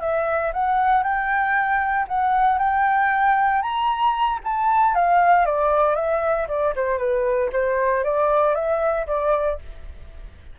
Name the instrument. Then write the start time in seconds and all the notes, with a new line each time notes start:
flute
0.00 E5
0.53 F#5
1.03 G5
2.08 F#5
2.58 G5
3.62 A#5
4.44 A5
4.95 F5
5.45 D5
5.95 E5
6.48 D5
6.75 C5
6.98 B4
7.52 C5
8.04 D5
8.54 E5
9.07 D5